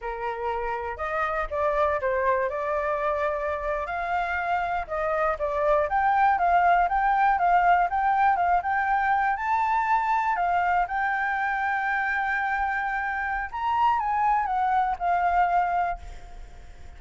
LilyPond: \new Staff \with { instrumentName = "flute" } { \time 4/4 \tempo 4 = 120 ais'2 dis''4 d''4 | c''4 d''2~ d''8. f''16~ | f''4.~ f''16 dis''4 d''4 g''16~ | g''8. f''4 g''4 f''4 g''16~ |
g''8. f''8 g''4. a''4~ a''16~ | a''8. f''4 g''2~ g''16~ | g''2. ais''4 | gis''4 fis''4 f''2 | }